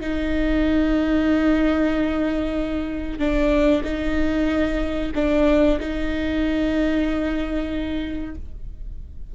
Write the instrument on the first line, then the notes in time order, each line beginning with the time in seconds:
viola
0.00 D#4
3.19 D4
3.83 D#4
5.15 D4
5.79 D#4